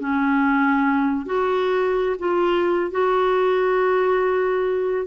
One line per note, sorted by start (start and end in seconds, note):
0.00 1.27 C#4
1.27 2.17 F#4
2.20 2.92 F4
2.92 5.07 F#4